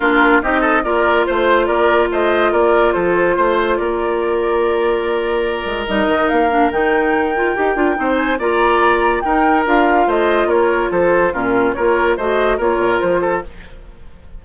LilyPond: <<
  \new Staff \with { instrumentName = "flute" } { \time 4/4 \tempo 4 = 143 ais'4 dis''4 d''4 c''4 | d''4 dis''4 d''4 c''4~ | c''4 d''2.~ | d''2 dis''4 f''4 |
g''2.~ g''8 gis''8 | ais''2 g''4 f''4 | dis''4 cis''4 c''4 ais'4 | cis''4 dis''4 cis''4 c''4 | }
  \new Staff \with { instrumentName = "oboe" } { \time 4/4 f'4 g'8 a'8 ais'4 c''4 | ais'4 c''4 ais'4 a'4 | c''4 ais'2.~ | ais'1~ |
ais'2. c''4 | d''2 ais'2 | c''4 ais'4 a'4 f'4 | ais'4 c''4 ais'4. a'8 | }
  \new Staff \with { instrumentName = "clarinet" } { \time 4/4 d'4 dis'4 f'2~ | f'1~ | f'1~ | f'2 dis'4. d'8 |
dis'4. f'8 g'8 f'8 dis'4 | f'2 dis'4 f'4~ | f'2. cis'4 | f'4 fis'4 f'2 | }
  \new Staff \with { instrumentName = "bassoon" } { \time 4/4 ais4 c'4 ais4 a4 | ais4 a4 ais4 f4 | a4 ais2.~ | ais4. gis8 g8 dis8 ais4 |
dis2 dis'8 d'8 c'4 | ais2 dis'4 d'4 | a4 ais4 f4 ais,4 | ais4 a4 ais8 ais,8 f4 | }
>>